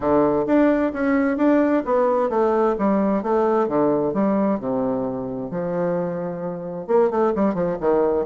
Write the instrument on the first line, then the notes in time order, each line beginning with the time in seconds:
bassoon
0.00 D3
0.46 D4
0.93 C#4
1.37 D4
1.85 B3
2.29 A3
2.78 G3
3.22 A3
3.68 D3
4.13 G3
4.59 C3
5.50 F3
6.87 A#3
7.10 A3
7.35 G3
7.54 F3
7.80 D#3